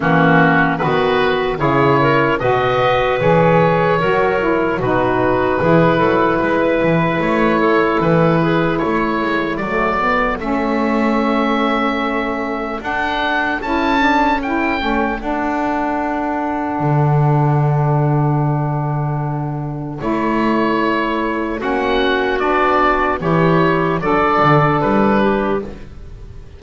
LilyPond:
<<
  \new Staff \with { instrumentName = "oboe" } { \time 4/4 \tempo 4 = 75 fis'4 b'4 cis''4 dis''4 | cis''2 b'2~ | b'4 cis''4 b'4 cis''4 | d''4 e''2. |
fis''4 a''4 g''4 fis''4~ | fis''1~ | fis''4 cis''2 fis''4 | d''4 cis''4 d''4 b'4 | }
  \new Staff \with { instrumentName = "clarinet" } { \time 4/4 cis'4 fis'4 gis'8 ais'8 b'4~ | b'4 ais'4 fis'4 gis'8 a'8 | b'4. a'4 gis'8 a'4~ | a'1~ |
a'1~ | a'1~ | a'2. fis'4~ | fis'4 g'4 a'4. g'8 | }
  \new Staff \with { instrumentName = "saxophone" } { \time 4/4 ais4 b4 e'4 fis'4 | gis'4 fis'8 e'8 dis'4 e'4~ | e'1 | a8 b8 cis'2. |
d'4 e'8 d'8 e'8 cis'8 d'4~ | d'1~ | d'4 e'2 cis'4 | d'4 e'4 d'2 | }
  \new Staff \with { instrumentName = "double bass" } { \time 4/4 e4 dis4 cis4 b,4 | e4 fis4 b,4 e8 fis8 | gis8 e8 a4 e4 a8 gis8 | fis4 a2. |
d'4 cis'4. a8 d'4~ | d'4 d2.~ | d4 a2 ais4 | b4 e4 fis8 d8 g4 | }
>>